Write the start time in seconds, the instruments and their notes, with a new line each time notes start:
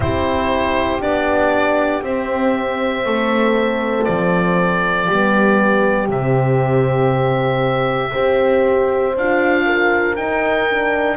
0.00 double bass C4, horn E4 G4, oboe C5
1.00 double bass B3, horn D4, oboe D5
2.02 horn C4, double bass C4, oboe E5
3.05 double bass A3, horn A4
4.04 double bass F3, oboe D5
5.07 double bass G3, horn B3 G4
6.08 double bass C3, horn C4, oboe E5
8.11 double bass C4, horn G4 C5
9.16 double bass D4, horn F4, oboe F5
9.66 horn A#4
10.16 horn D#4, double bass D#4, oboe G5
10.69 horn D4